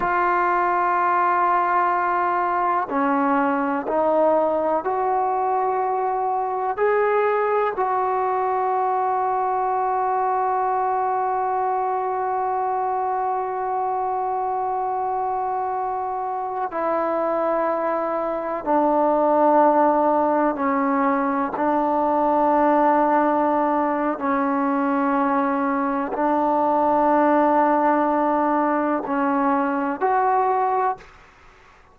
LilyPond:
\new Staff \with { instrumentName = "trombone" } { \time 4/4 \tempo 4 = 62 f'2. cis'4 | dis'4 fis'2 gis'4 | fis'1~ | fis'1~ |
fis'4~ fis'16 e'2 d'8.~ | d'4~ d'16 cis'4 d'4.~ d'16~ | d'4 cis'2 d'4~ | d'2 cis'4 fis'4 | }